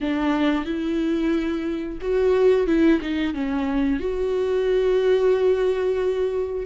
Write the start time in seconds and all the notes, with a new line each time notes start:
0.01 D4
0.65 E4
2.01 F#4
2.66 E4
3.01 D#4
3.33 C#4
3.99 F#4